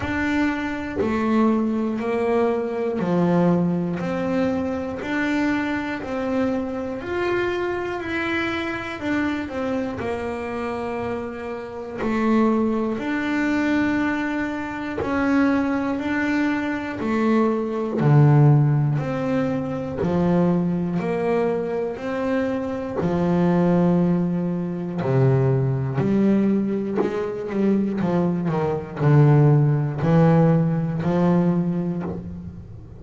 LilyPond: \new Staff \with { instrumentName = "double bass" } { \time 4/4 \tempo 4 = 60 d'4 a4 ais4 f4 | c'4 d'4 c'4 f'4 | e'4 d'8 c'8 ais2 | a4 d'2 cis'4 |
d'4 a4 d4 c'4 | f4 ais4 c'4 f4~ | f4 c4 g4 gis8 g8 | f8 dis8 d4 e4 f4 | }